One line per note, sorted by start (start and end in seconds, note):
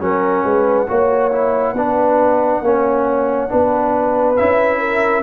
0.00 0.44 F#3
0.00 0.87 C#4
0.00 0.45 A#4
0.00 4.36 F#5
0.44 0.87 G#3
0.44 0.88 B4
0.88 1.73 A#3
0.88 1.31 F#4
0.88 1.74 C#5
1.32 1.76 E4
1.73 2.60 B3
1.73 2.64 D4
1.73 2.61 B4
2.62 3.49 A#3
2.62 3.49 C#4
2.62 3.50 C#5
3.49 4.40 B3
3.49 4.36 D4
3.49 4.80 B4
4.36 5.23 C#4
4.36 5.23 E4
4.36 5.23 E5
4.80 5.23 A#4